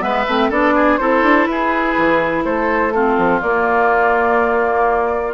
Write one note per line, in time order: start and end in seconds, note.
0.00 0.26 G#3
0.00 0.24 B3
0.00 0.50 B4
0.00 0.51 E5
0.28 0.50 A3
0.28 0.52 C4
0.50 0.99 B3
0.50 0.99 D4
0.50 0.74 A4
0.50 0.98 D5
0.75 0.99 G#4
0.98 1.23 C4
0.98 2.93 E4
0.98 1.49 A4
0.98 1.46 C5
1.23 1.47 D4
1.46 1.95 E4
1.46 2.45 G#4
1.46 2.43 B4
1.97 2.45 E3
2.45 3.17 A3
2.45 2.93 A4
2.45 2.92 C5
2.92 3.43 C4
2.92 5.34 F4
2.92 3.40 A4
3.17 3.42 F3
3.41 5.34 A#3
3.41 5.34 D5